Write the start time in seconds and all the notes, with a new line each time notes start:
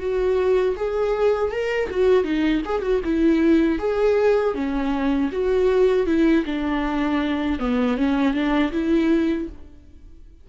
0.00 F#4
0.77 G#4
1.52 A#4
1.91 F#4
2.24 D#4
2.65 G#4
2.82 F#4
3.04 E4
3.79 G#4
4.55 C#4
5.32 F#4
6.07 E4
6.46 D4
7.59 B3
7.97 C#4
8.34 D4
8.72 E4